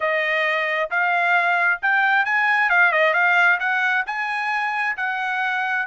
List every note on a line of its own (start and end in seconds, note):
0.00 0.90 D#5
0.90 1.80 F5
1.82 2.25 G5
2.25 2.69 G#5
2.69 2.91 F5
2.91 3.13 D#5
3.13 3.58 F5
3.59 4.04 F#5
4.06 4.96 G#5
4.96 5.86 F#5